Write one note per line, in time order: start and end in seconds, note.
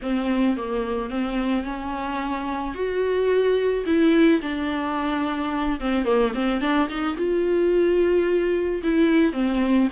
0.02 0.56 C4
0.56 1.10 A#3
1.10 1.64 C4
1.64 2.74 C#4
2.74 3.84 F#4
3.85 4.40 E4
4.41 5.79 D4
5.79 6.05 C4
6.05 6.32 A#3
6.34 6.60 C4
6.60 6.88 D4
6.88 7.16 D#4
7.17 8.82 F4
8.83 9.33 E4
9.33 9.88 C4